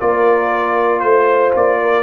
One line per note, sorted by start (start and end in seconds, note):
0.00 1.02 A#3
0.00 2.03 F4
0.00 1.03 A#4
0.00 1.00 D5
1.00 1.54 A3
1.00 1.51 C5
1.00 1.80 C5
1.55 2.03 A#3
1.55 2.03 D5
1.82 2.03 A#4